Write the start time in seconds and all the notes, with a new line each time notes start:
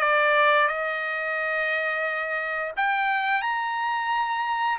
0.00 D5
0.68 D#5
2.76 G5
3.42 A#5